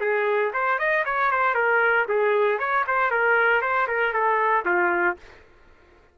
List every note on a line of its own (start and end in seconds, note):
0.00 0.52 G#4
0.53 0.78 C5
0.78 1.04 D#5
1.05 1.31 C#5
1.31 1.54 C5
1.54 2.06 A#4
2.08 2.58 G#4
2.58 2.84 C#5
2.87 3.10 C5
3.10 3.61 A#4
3.61 3.87 C5
3.87 4.13 A#4
4.13 4.64 A4
4.65 5.17 F4